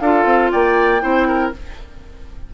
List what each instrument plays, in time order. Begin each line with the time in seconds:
0.00 bassoon D4, clarinet F4, oboe A4, flute F5
0.25 bassoon C4
0.51 bassoon A#3, oboe D5, flute G5
1.01 bassoon C4, clarinet E4, oboe C5
1.28 oboe A#4